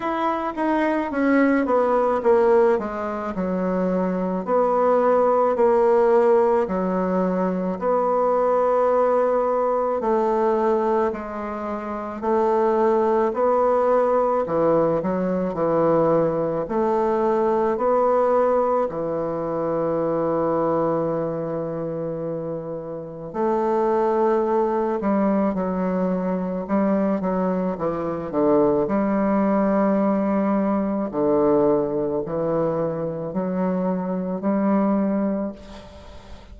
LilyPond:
\new Staff \with { instrumentName = "bassoon" } { \time 4/4 \tempo 4 = 54 e'8 dis'8 cis'8 b8 ais8 gis8 fis4 | b4 ais4 fis4 b4~ | b4 a4 gis4 a4 | b4 e8 fis8 e4 a4 |
b4 e2.~ | e4 a4. g8 fis4 | g8 fis8 e8 d8 g2 | d4 e4 fis4 g4 | }